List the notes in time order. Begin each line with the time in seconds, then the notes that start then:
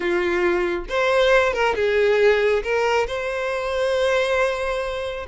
0.00 F4
0.89 C5
1.53 A#4
1.75 G#4
2.63 A#4
3.07 C5